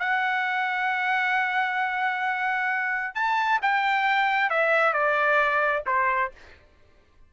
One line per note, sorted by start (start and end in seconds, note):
0.00 3.15 F#5
3.15 3.60 A5
3.63 4.51 G5
4.51 4.93 E5
4.93 5.84 D5
5.87 6.32 C5